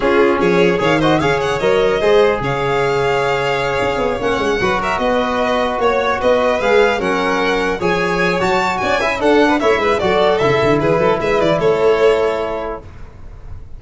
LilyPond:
<<
  \new Staff \with { instrumentName = "violin" } { \time 4/4 \tempo 4 = 150 gis'4 cis''4 f''8 dis''8 f''8 fis''8 | dis''2 f''2~ | f''2~ f''8 fis''4. | e''8 dis''2 cis''4 dis''8~ |
dis''8 f''4 fis''2 gis''8~ | gis''4 a''4 gis''4 fis''4 | e''4 d''4 e''4 b'4 | e''8 d''8 cis''2. | }
  \new Staff \with { instrumentName = "violin" } { \time 4/4 f'4 gis'4 cis''8 c''8 cis''4~ | cis''4 c''4 cis''2~ | cis''2.~ cis''8 b'8 | ais'8 b'2 cis''4 b'8~ |
b'4. ais'2 cis''8~ | cis''2 d''8 e''8 a'8. b'16 | cis''8 b'8 a'2 gis'8 a'8 | b'4 a'2. | }
  \new Staff \with { instrumentName = "trombone" } { \time 4/4 cis'2 gis'8 fis'8 gis'4 | ais'4 gis'2.~ | gis'2~ gis'8 cis'4 fis'8~ | fis'1~ |
fis'8 gis'4 cis'2 gis'8~ | gis'4 fis'4. e'8 d'4 | e'4 fis'4 e'2~ | e'1 | }
  \new Staff \with { instrumentName = "tuba" } { \time 4/4 cis'4 f4 dis4 cis4 | fis4 gis4 cis2~ | cis4. cis'8 b8 ais8 gis8 fis8~ | fis8 b2 ais4 b8~ |
b8 gis4 fis2 f8~ | f4 fis4 cis'4 d'4 | a8 gis8 fis4 cis8 d8 e8 fis8 | gis8 e8 a2. | }
>>